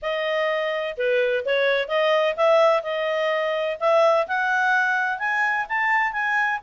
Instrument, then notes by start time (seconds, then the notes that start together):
clarinet
0.02 D#5
0.97 B4
1.45 C#5
1.87 D#5
2.36 E5
2.83 D#5
3.80 E5
4.27 F#5
5.18 G#5
5.68 A5
6.12 G#5